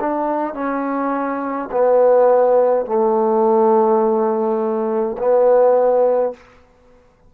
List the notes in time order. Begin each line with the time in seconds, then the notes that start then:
0.00 D4
0.53 C#4
1.72 B3
2.86 A3
5.18 B3